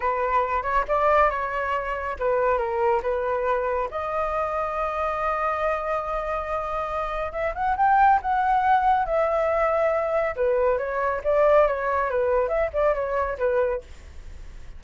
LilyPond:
\new Staff \with { instrumentName = "flute" } { \time 4/4 \tempo 4 = 139 b'4. cis''8 d''4 cis''4~ | cis''4 b'4 ais'4 b'4~ | b'4 dis''2.~ | dis''1~ |
dis''4 e''8 fis''8 g''4 fis''4~ | fis''4 e''2. | b'4 cis''4 d''4 cis''4 | b'4 e''8 d''8 cis''4 b'4 | }